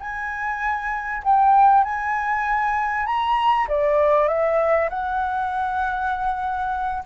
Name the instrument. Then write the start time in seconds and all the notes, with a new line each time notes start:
flute
0.00 G#5
1.24 G5
1.84 G#5
3.06 A#5
3.68 D5
4.28 E5
4.89 F#5